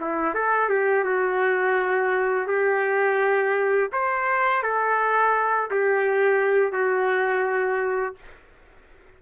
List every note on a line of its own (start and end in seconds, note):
0.00 0.34 E4
0.34 0.69 A4
0.69 1.04 G4
1.04 2.47 F#4
2.47 3.90 G4
3.92 4.63 C5
4.63 5.70 A4
5.70 6.72 G4
6.72 8.15 F#4